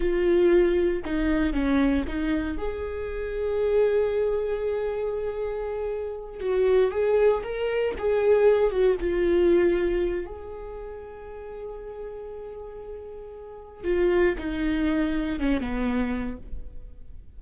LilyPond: \new Staff \with { instrumentName = "viola" } { \time 4/4 \tempo 4 = 117 f'2 dis'4 cis'4 | dis'4 gis'2.~ | gis'1~ | gis'8 fis'4 gis'4 ais'4 gis'8~ |
gis'4 fis'8 f'2~ f'8 | gis'1~ | gis'2. f'4 | dis'2 cis'8 b4. | }